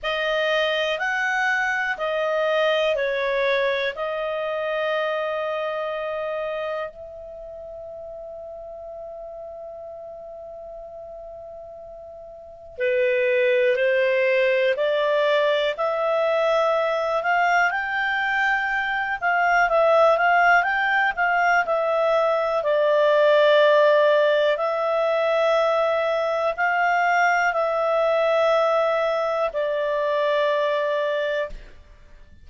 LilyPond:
\new Staff \with { instrumentName = "clarinet" } { \time 4/4 \tempo 4 = 61 dis''4 fis''4 dis''4 cis''4 | dis''2. e''4~ | e''1~ | e''4 b'4 c''4 d''4 |
e''4. f''8 g''4. f''8 | e''8 f''8 g''8 f''8 e''4 d''4~ | d''4 e''2 f''4 | e''2 d''2 | }